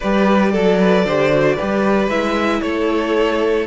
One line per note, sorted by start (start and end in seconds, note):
0.00 0.54 G3
0.00 0.56 G4
0.00 0.51 B4
0.00 2.09 D5
0.51 1.04 F#3
0.51 0.78 A4
0.51 1.08 A4
0.80 1.05 B4
1.04 1.57 D3
1.04 1.31 G4
1.04 1.55 C5
1.31 1.57 F#4
1.55 2.10 G4
1.55 2.60 B4
1.61 2.08 G3
2.08 2.60 G#3
2.08 3.67 E4
2.08 2.61 E5
2.61 3.67 A3
2.61 3.67 A4
2.61 3.66 C#5